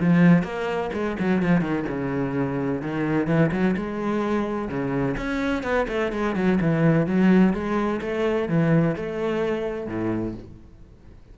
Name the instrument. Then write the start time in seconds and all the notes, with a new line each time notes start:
cello
0.00 F3
0.43 A#3
0.93 G#3
1.20 F#3
1.42 F3
1.61 D#3
1.89 C#3
2.82 D#3
3.27 E3
3.52 F#3
3.77 G#3
4.69 C#3
5.17 C#4
5.63 B3
5.89 A3
6.12 G#3
6.35 F#3
6.61 E3
7.07 F#3
7.54 G#3
8.01 A3
8.49 E3
8.96 A3
9.88 A2